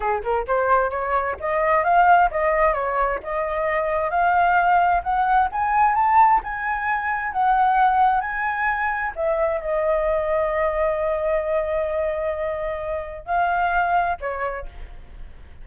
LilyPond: \new Staff \with { instrumentName = "flute" } { \time 4/4 \tempo 4 = 131 gis'8 ais'8 c''4 cis''4 dis''4 | f''4 dis''4 cis''4 dis''4~ | dis''4 f''2 fis''4 | gis''4 a''4 gis''2 |
fis''2 gis''2 | e''4 dis''2.~ | dis''1~ | dis''4 f''2 cis''4 | }